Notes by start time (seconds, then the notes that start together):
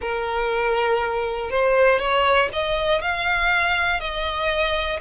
0.01 A#4
1.50 C5
1.99 C#5
2.52 D#5
3.01 F5
4.00 D#5